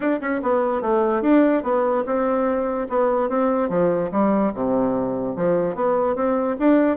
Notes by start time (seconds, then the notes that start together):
0.00 D4
0.20 C#4
0.42 B3
0.81 A3
1.22 D4
1.63 B3
2.05 C4
2.89 B3
3.29 C4
3.69 F3
4.11 G3
4.54 C3
5.35 F3
5.75 B3
6.15 C4
6.59 D4